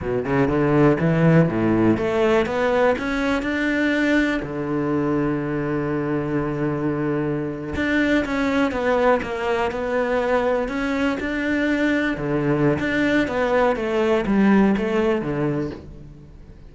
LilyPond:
\new Staff \with { instrumentName = "cello" } { \time 4/4 \tempo 4 = 122 b,8 cis8 d4 e4 a,4 | a4 b4 cis'4 d'4~ | d'4 d2.~ | d2.~ d8. d'16~ |
d'8. cis'4 b4 ais4 b16~ | b4.~ b16 cis'4 d'4~ d'16~ | d'8. d4~ d16 d'4 b4 | a4 g4 a4 d4 | }